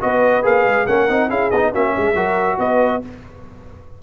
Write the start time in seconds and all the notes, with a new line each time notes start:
0.00 B3 F#4 B4 D#5
0.43 A#3 G#4 F5
0.65 G#3
0.87 A#3 C#4 A#4 F#5
1.08 C4 D#4
1.29 C#4 E4 G#4 F5
1.50 B3 D#4 D#5
1.71 A#3 C#4 F#4 E5
1.95 G#3 G#4
2.15 F#3 F#4 A#4
2.58 B3 B4 D#5